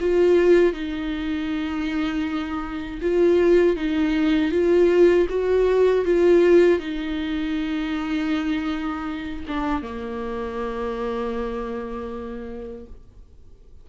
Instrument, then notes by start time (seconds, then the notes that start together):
viola
0.00 F4
0.72 D#4
3.01 F4
3.76 D#4
4.51 F4
5.29 F#4
6.05 F4
6.79 D#4
9.47 D4
9.82 A#3